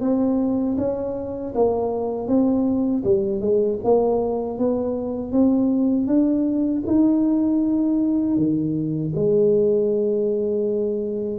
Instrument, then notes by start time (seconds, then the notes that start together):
tuba
0.00 C4
0.77 C#4
1.54 A#3
2.27 C4
3.03 G3
3.40 G#3
3.84 A#3
4.58 B3
5.32 C4
6.07 D4
6.86 D#4
8.36 D#3
9.15 G#3